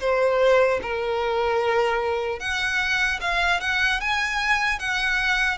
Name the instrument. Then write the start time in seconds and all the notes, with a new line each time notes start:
violin
0.00 C5
0.82 A#4
2.39 F#5
3.21 F5
3.60 F#5
4.00 G#5
4.79 F#5